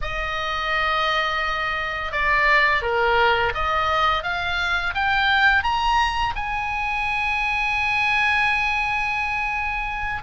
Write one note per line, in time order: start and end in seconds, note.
0.01 2.12 D#5
2.12 2.82 D5
2.82 3.52 A#4
3.54 4.23 D#5
4.23 4.93 F5
4.94 5.63 G5
5.63 6.33 A#5
6.35 10.22 G#5